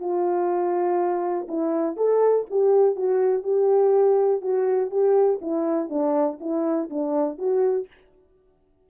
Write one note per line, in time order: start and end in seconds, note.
0.00 1.48 F4
1.48 1.97 E4
1.97 2.46 A4
2.50 2.96 G4
2.96 3.43 F#4
3.43 4.42 G4
4.42 4.91 F#4
4.91 5.40 G4
5.42 5.90 E4
5.90 6.39 D4
6.40 6.89 E4
6.90 7.38 D4
7.38 7.87 F#4